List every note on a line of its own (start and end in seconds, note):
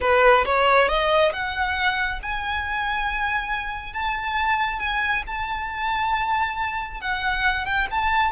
0.01 0.44 B4
0.45 0.88 C#5
0.88 1.32 D#5
1.32 2.20 F#5
2.22 3.93 G#5
3.93 4.79 A5
4.79 5.23 G#5
5.27 7.01 A5
7.01 7.65 F#5
7.65 7.87 G5
7.91 8.31 A5